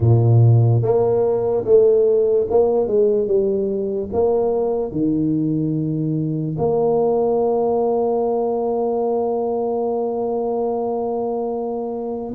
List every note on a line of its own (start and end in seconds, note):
0.00 0.82 A#2
0.82 1.64 A#3
1.64 2.47 A3
2.50 2.87 A#3
2.87 3.27 G#3
3.27 4.09 G3
4.12 4.91 A#3
4.91 6.56 D#3
6.58 12.33 A#3